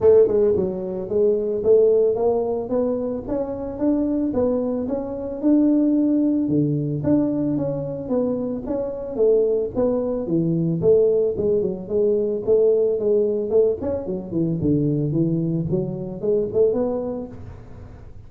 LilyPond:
\new Staff \with { instrumentName = "tuba" } { \time 4/4 \tempo 4 = 111 a8 gis8 fis4 gis4 a4 | ais4 b4 cis'4 d'4 | b4 cis'4 d'2 | d4 d'4 cis'4 b4 |
cis'4 a4 b4 e4 | a4 gis8 fis8 gis4 a4 | gis4 a8 cis'8 fis8 e8 d4 | e4 fis4 gis8 a8 b4 | }